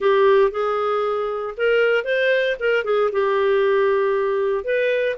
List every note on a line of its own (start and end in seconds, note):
0.00 0.51 G4
0.51 1.54 G#4
1.57 2.04 A#4
2.04 2.56 C5
2.59 2.84 A#4
2.84 3.10 G#4
3.12 4.64 G4
4.64 5.16 B4